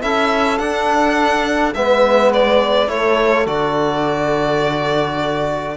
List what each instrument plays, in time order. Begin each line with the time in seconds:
0.00 cello C#4, trombone E4, saxophone A4, violin E5
0.58 trombone D4, cello D4, violin F#5
1.74 cello G#3, trombone B3, saxophone B4, violin E5
2.33 violin D5
2.87 cello A3, trombone E4, saxophone A4, violin C#5
3.45 cello D3, trombone F#4, violin D5